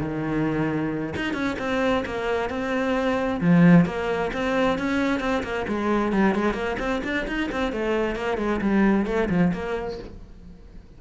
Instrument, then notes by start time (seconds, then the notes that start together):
cello
0.00 D#3
1.16 D#4
1.33 C#4
1.59 C4
2.05 A#3
2.49 C4
3.40 F3
3.86 A#3
4.33 C4
4.78 C#4
5.20 C4
5.43 A#3
5.68 G#3
6.12 G3
6.35 G#3
6.54 A#3
6.79 C4
7.04 D4
7.27 D#4
7.51 C4
7.72 A3
8.15 A#3
8.37 G#3
8.61 G3
9.06 A3
9.29 F3
9.53 A#3